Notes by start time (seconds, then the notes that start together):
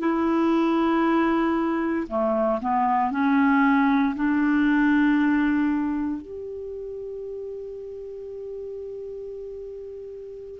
0.00 E4
2.08 A3
2.61 B3
3.11 C#4
4.15 D4
6.21 G4